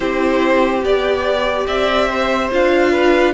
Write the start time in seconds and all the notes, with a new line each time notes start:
0.00 C4 E4 G4 C5
0.82 B3 G4 D5
1.66 C4 D5 E5
2.10 C5
2.51 D4 F4 F5
2.91 B4